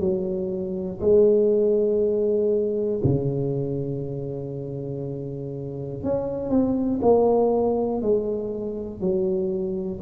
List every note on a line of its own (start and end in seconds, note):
0.00 1.00 F#3
1.01 3.01 G#3
3.04 6.04 C#3
6.04 6.50 C#4
6.50 7.00 C4
7.02 8.02 A#3
8.02 9.01 G#3
9.01 10.01 F#3